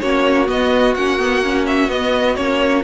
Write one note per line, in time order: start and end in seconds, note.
0.00 0.49 A#3
0.00 0.46 C#4
0.00 2.84 F#4
0.00 0.47 C#5
0.46 0.94 B3
0.46 0.95 B3
0.46 0.94 D#5
0.94 1.89 A#3
0.94 1.19 C#4
0.94 1.65 F#5
1.19 1.43 B3
1.43 1.89 C#4
1.67 1.90 E5
1.89 2.36 B3
1.89 2.37 B3
1.89 2.36 D#5
2.36 2.84 A#3
2.36 2.84 C#4
2.36 2.83 C#5